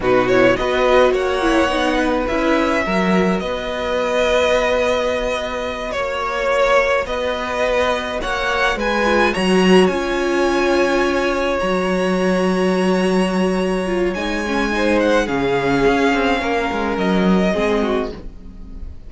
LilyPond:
<<
  \new Staff \with { instrumentName = "violin" } { \time 4/4 \tempo 4 = 106 b'8 cis''8 dis''4 fis''2 | e''2 dis''2~ | dis''2~ dis''8 cis''4.~ | cis''8 dis''2 fis''4 gis''8~ |
gis''8 ais''4 gis''2~ gis''8~ | gis''8 ais''2.~ ais''8~ | ais''4 gis''4. fis''8 f''4~ | f''2 dis''2 | }
  \new Staff \with { instrumentName = "violin" } { \time 4/4 fis'4 b'4 cis''4. b'8~ | b'4 ais'4 b'2~ | b'2~ b'8 cis''4.~ | cis''8 b'2 cis''4 b'8~ |
b'8 cis''2.~ cis''8~ | cis''1~ | cis''2 c''4 gis'4~ | gis'4 ais'2 gis'8 fis'8 | }
  \new Staff \with { instrumentName = "viola" } { \time 4/4 dis'8 e'8 fis'4. e'8 dis'4 | e'4 fis'2.~ | fis'1~ | fis'1 |
f'8 fis'4 f'2~ f'8~ | f'8 fis'2.~ fis'8~ | fis'8 f'8 dis'8 cis'8 dis'4 cis'4~ | cis'2. c'4 | }
  \new Staff \with { instrumentName = "cello" } { \time 4/4 b,4 b4 ais4 b4 | cis'4 fis4 b2~ | b2~ b8 ais4.~ | ais8 b2 ais4 gis8~ |
gis8 fis4 cis'2~ cis'8~ | cis'8 fis2.~ fis8~ | fis4 gis2 cis4 | cis'8 c'8 ais8 gis8 fis4 gis4 | }
>>